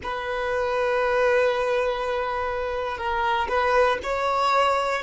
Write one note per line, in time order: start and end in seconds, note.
0.03 2.97 B4
2.97 3.47 A#4
3.48 3.98 B4
4.03 5.02 C#5